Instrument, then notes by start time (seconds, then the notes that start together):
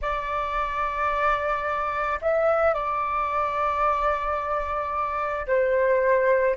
flute
0.01 D5
2.21 E5
2.73 D5
5.46 C5